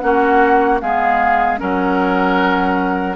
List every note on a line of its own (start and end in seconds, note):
0.00 0.82 A#3
0.00 0.81 C#4
0.00 0.82 F#4
0.00 0.79 F#5
0.81 1.61 G#3
0.81 1.58 B3
0.81 1.60 G#4
0.81 1.60 F5
1.58 3.16 F#3
1.58 3.16 C#4
1.58 3.16 A#4
1.58 3.16 F#5